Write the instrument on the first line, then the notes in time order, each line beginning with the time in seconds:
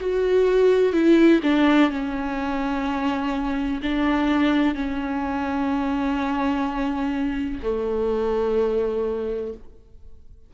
viola
0.00 F#4
0.93 E4
1.43 D4
1.90 C#4
3.83 D4
4.75 C#4
7.63 A3